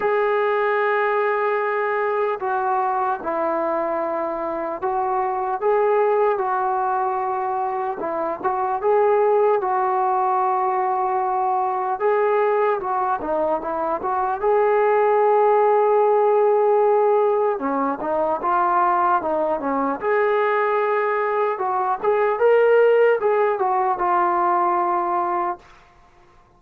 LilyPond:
\new Staff \with { instrumentName = "trombone" } { \time 4/4 \tempo 4 = 75 gis'2. fis'4 | e'2 fis'4 gis'4 | fis'2 e'8 fis'8 gis'4 | fis'2. gis'4 |
fis'8 dis'8 e'8 fis'8 gis'2~ | gis'2 cis'8 dis'8 f'4 | dis'8 cis'8 gis'2 fis'8 gis'8 | ais'4 gis'8 fis'8 f'2 | }